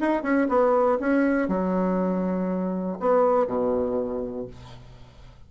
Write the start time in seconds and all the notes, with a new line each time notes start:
0.00 D#4
0.23 C#4
0.48 B3
1.00 C#4
1.48 F#3
3.00 B3
3.47 B2